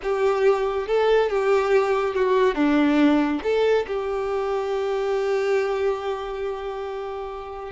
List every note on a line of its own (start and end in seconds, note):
0.03 0.87 G4
0.87 1.29 A4
1.29 2.14 G4
2.14 2.54 F#4
2.54 3.40 D4
3.43 3.86 A4
3.87 7.71 G4